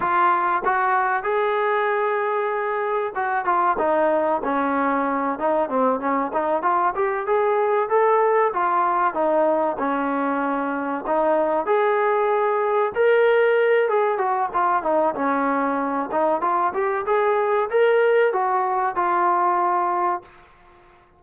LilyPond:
\new Staff \with { instrumentName = "trombone" } { \time 4/4 \tempo 4 = 95 f'4 fis'4 gis'2~ | gis'4 fis'8 f'8 dis'4 cis'4~ | cis'8 dis'8 c'8 cis'8 dis'8 f'8 g'8 gis'8~ | gis'8 a'4 f'4 dis'4 cis'8~ |
cis'4. dis'4 gis'4.~ | gis'8 ais'4. gis'8 fis'8 f'8 dis'8 | cis'4. dis'8 f'8 g'8 gis'4 | ais'4 fis'4 f'2 | }